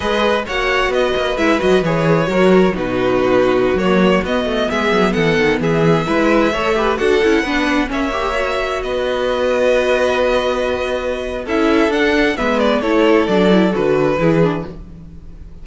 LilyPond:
<<
  \new Staff \with { instrumentName = "violin" } { \time 4/4 \tempo 4 = 131 dis''4 fis''4 dis''4 e''8 dis''8 | cis''2 b'2~ | b'16 cis''4 dis''4 e''4 fis''8.~ | fis''16 e''2. fis''8.~ |
fis''4~ fis''16 e''2 dis''8.~ | dis''1~ | dis''4 e''4 fis''4 e''8 d''8 | cis''4 d''4 b'2 | }
  \new Staff \with { instrumentName = "violin" } { \time 4/4 b'4 cis''4 b'2~ | b'4 ais'4 fis'2~ | fis'2~ fis'16 gis'4 a'8.~ | a'16 gis'4 b'4 cis''8 b'8 a'8.~ |
a'16 b'4 cis''2 b'8.~ | b'1~ | b'4 a'2 b'4 | a'2. gis'4 | }
  \new Staff \with { instrumentName = "viola" } { \time 4/4 gis'4 fis'2 e'8 fis'8 | gis'4 fis'4 dis'2~ | dis'16 ais4 b2~ b8.~ | b4~ b16 e'4 a'8 g'8 fis'8 e'16~ |
e'16 d'4 cis'8 g'8 fis'4.~ fis'16~ | fis'1~ | fis'4 e'4 d'4 b4 | e'4 d'8 e'8 fis'4 e'8 d'8 | }
  \new Staff \with { instrumentName = "cello" } { \time 4/4 gis4 ais4 b8 ais8 gis8 fis8 | e4 fis4 b,2~ | b,16 fis4 b8 a8 gis8 fis8 e8 dis16~ | dis16 e4 gis4 a4 d'8 cis'16~ |
cis'16 b4 ais2 b8.~ | b1~ | b4 cis'4 d'4 gis4 | a4 fis4 d4 e4 | }
>>